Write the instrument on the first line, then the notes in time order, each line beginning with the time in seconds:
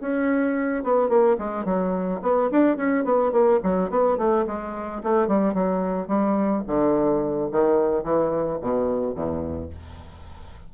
bassoon
0.00 C#4
0.84 B3
1.09 A#3
1.38 G#3
1.65 F#3
2.22 B3
2.51 D4
2.77 C#4
3.04 B3
3.32 A#3
3.63 F#3
3.90 B3
4.17 A3
4.47 G#3
5.03 A3
5.28 G3
5.54 F#3
6.07 G3
6.67 D3
7.51 D#3
8.03 E3
8.61 B2
9.15 E2